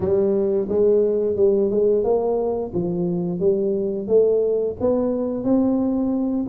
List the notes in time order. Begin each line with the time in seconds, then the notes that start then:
0.00 G3
0.68 G#3
1.36 G3
1.70 G#3
2.04 A#3
2.74 F3
3.39 G3
4.07 A3
4.80 B3
5.44 C4